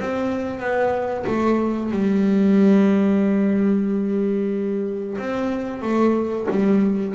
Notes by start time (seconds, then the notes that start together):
0.00 C4
0.60 B3
1.27 A3
1.91 G3
5.18 C4
5.82 A3
6.50 G3